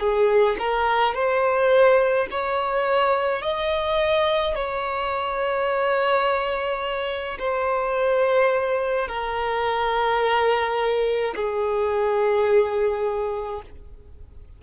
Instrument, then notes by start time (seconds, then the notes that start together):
violin
0.00 G#4
0.60 A#4
1.15 C5
2.32 C#5
3.43 D#5
4.56 C#5
7.39 C5
9.09 A#4
11.36 G#4